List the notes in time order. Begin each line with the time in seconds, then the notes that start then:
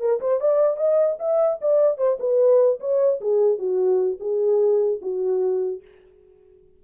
0.00 A#4
0.20 C5
0.40 D5
0.77 D#5
1.19 E5
1.61 D5
1.97 C5
2.19 B4
2.80 C#5
3.21 G#4
3.58 F#4
4.20 G#4
5.01 F#4